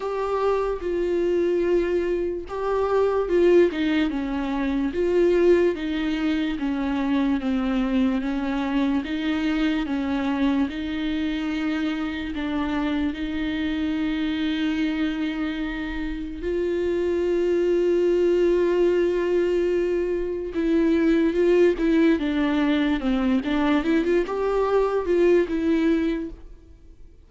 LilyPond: \new Staff \with { instrumentName = "viola" } { \time 4/4 \tempo 4 = 73 g'4 f'2 g'4 | f'8 dis'8 cis'4 f'4 dis'4 | cis'4 c'4 cis'4 dis'4 | cis'4 dis'2 d'4 |
dis'1 | f'1~ | f'4 e'4 f'8 e'8 d'4 | c'8 d'8 e'16 f'16 g'4 f'8 e'4 | }